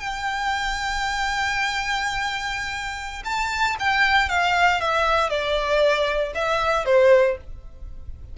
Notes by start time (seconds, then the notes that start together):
0.00 G5
3.25 A5
3.79 G5
4.29 F5
4.81 E5
5.29 D5
6.35 E5
6.86 C5